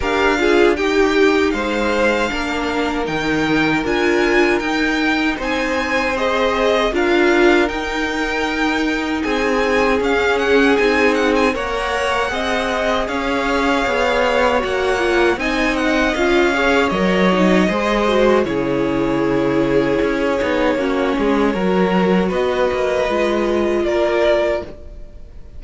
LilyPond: <<
  \new Staff \with { instrumentName = "violin" } { \time 4/4 \tempo 4 = 78 f''4 g''4 f''2 | g''4 gis''4 g''4 gis''4 | dis''4 f''4 g''2 | gis''4 f''8 fis''8 gis''8 fis''16 gis''16 fis''4~ |
fis''4 f''2 fis''4 | gis''8 fis''8 f''4 dis''2 | cis''1~ | cis''4 dis''2 d''4 | }
  \new Staff \with { instrumentName = "violin" } { \time 4/4 ais'8 gis'8 g'4 c''4 ais'4~ | ais'2. c''4~ | c''4 ais'2. | gis'2. cis''4 |
dis''4 cis''2. | dis''4. cis''4. c''4 | gis'2. fis'8 gis'8 | ais'4 b'2 ais'4 | }
  \new Staff \with { instrumentName = "viola" } { \time 4/4 g'8 f'8 dis'2 d'4 | dis'4 f'4 dis'2 | gis'4 f'4 dis'2~ | dis'4 cis'4 dis'4 ais'4 |
gis'2. fis'8 f'8 | dis'4 f'8 gis'8 ais'8 dis'8 gis'8 fis'8 | e'2~ e'8 dis'8 cis'4 | fis'2 f'2 | }
  \new Staff \with { instrumentName = "cello" } { \time 4/4 d'4 dis'4 gis4 ais4 | dis4 d'4 dis'4 c'4~ | c'4 d'4 dis'2 | c'4 cis'4 c'4 ais4 |
c'4 cis'4 b4 ais4 | c'4 cis'4 fis4 gis4 | cis2 cis'8 b8 ais8 gis8 | fis4 b8 ais8 gis4 ais4 | }
>>